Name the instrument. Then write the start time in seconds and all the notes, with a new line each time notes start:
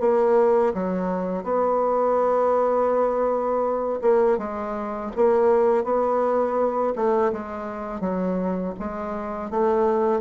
bassoon
0.00 A#3
0.74 F#3
1.43 B3
4.01 A#3
4.38 G#3
5.16 A#3
5.84 B3
6.95 A3
7.32 G#3
8.00 F#3
8.79 G#3
9.50 A3